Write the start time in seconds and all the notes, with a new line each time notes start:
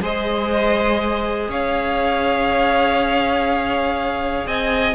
0.00 G#3 G#4 C5 D#5
1.48 C#4 C#5 F5
4.46 C4 D#5 G#5